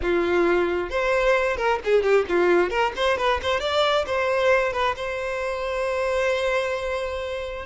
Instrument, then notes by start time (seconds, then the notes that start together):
violin
0.01 F4
0.90 C5
1.56 A#4
1.84 G#4
2.02 G4
2.29 F4
2.69 A#4
2.96 C5
3.17 B4
3.42 C5
3.60 D5
4.06 C5
4.72 B4
4.96 C5